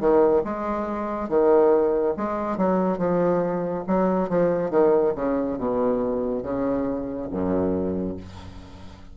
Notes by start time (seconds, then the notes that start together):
0.00 D#3
0.44 G#3
1.29 D#3
2.17 G#3
2.57 F#3
2.98 F3
3.87 F#3
4.29 F3
4.70 D#3
5.15 C#3
5.58 B2
6.42 C#3
7.31 F#2